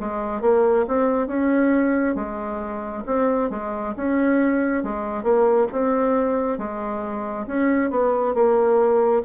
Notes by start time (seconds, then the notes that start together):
0.00 G#3
0.41 A#3
0.88 C4
1.27 C#4
2.15 G#3
3.06 C4
3.50 G#3
3.97 C#4
4.83 G#3
5.23 A#3
5.72 C4
6.58 G#3
7.47 C#4
7.91 B3
8.35 A#3